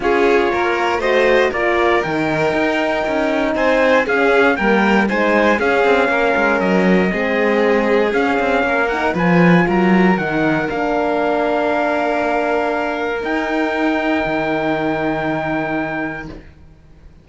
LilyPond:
<<
  \new Staff \with { instrumentName = "trumpet" } { \time 4/4 \tempo 4 = 118 cis''2 dis''4 d''4 | g''2. gis''4 | f''4 g''4 gis''4 f''4~ | f''4 dis''2. |
f''4. fis''8 gis''4 ais''4 | fis''4 f''2.~ | f''2 g''2~ | g''1 | }
  \new Staff \with { instrumentName = "violin" } { \time 4/4 gis'4 ais'4 c''4 ais'4~ | ais'2. c''4 | gis'4 ais'4 c''4 gis'4 | ais'2 gis'2~ |
gis'4 ais'4 b'4 ais'4~ | ais'1~ | ais'1~ | ais'1 | }
  \new Staff \with { instrumentName = "horn" } { \time 4/4 f'2 fis'4 f'4 | dis'1 | cis'4 ais4 dis'4 cis'4~ | cis'2 c'2 |
cis'4. dis'8 f'2 | dis'4 d'2.~ | d'2 dis'2~ | dis'1 | }
  \new Staff \with { instrumentName = "cello" } { \time 4/4 cis'4 ais4 a4 ais4 | dis4 dis'4 cis'4 c'4 | cis'4 g4 gis4 cis'8 c'8 | ais8 gis8 fis4 gis2 |
cis'8 c'8 ais4 f4 fis4 | dis4 ais2.~ | ais2 dis'2 | dis1 | }
>>